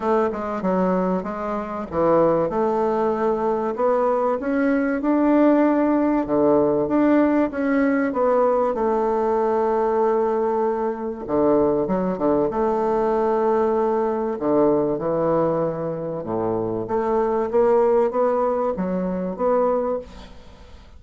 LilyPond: \new Staff \with { instrumentName = "bassoon" } { \time 4/4 \tempo 4 = 96 a8 gis8 fis4 gis4 e4 | a2 b4 cis'4 | d'2 d4 d'4 | cis'4 b4 a2~ |
a2 d4 fis8 d8 | a2. d4 | e2 a,4 a4 | ais4 b4 fis4 b4 | }